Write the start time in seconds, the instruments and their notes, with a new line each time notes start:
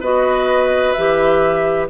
0.00 bassoon B3, clarinet F#4, oboe B4, flute D#5
0.93 bassoon E3, clarinet G4, flute E5